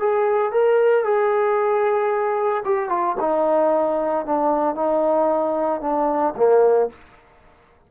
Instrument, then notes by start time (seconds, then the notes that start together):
trombone
0.00 G#4
0.52 A#4
1.05 G#4
2.65 G4
2.90 F4
3.20 D#4
4.26 D4
4.76 D#4
5.81 D4
6.37 A#3